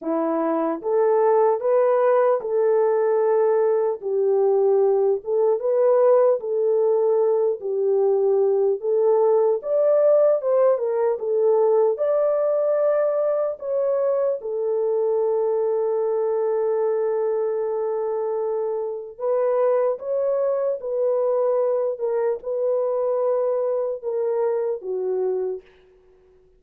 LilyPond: \new Staff \with { instrumentName = "horn" } { \time 4/4 \tempo 4 = 75 e'4 a'4 b'4 a'4~ | a'4 g'4. a'8 b'4 | a'4. g'4. a'4 | d''4 c''8 ais'8 a'4 d''4~ |
d''4 cis''4 a'2~ | a'1 | b'4 cis''4 b'4. ais'8 | b'2 ais'4 fis'4 | }